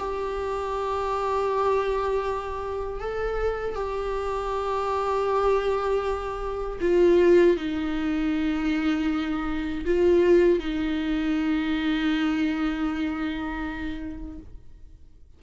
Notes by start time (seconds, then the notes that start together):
0.00 G4
3.01 A4
3.76 G4
6.81 F4
7.57 D#4
9.86 F4
10.59 D#4